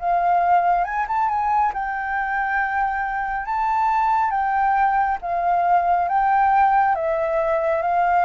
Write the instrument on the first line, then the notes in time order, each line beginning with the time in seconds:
flute
0.00 F5
0.85 G#5
1.08 A5
1.29 G#5
1.74 G5
3.46 A5
4.31 G5
5.22 F5
6.09 G5
6.95 E5
7.82 F5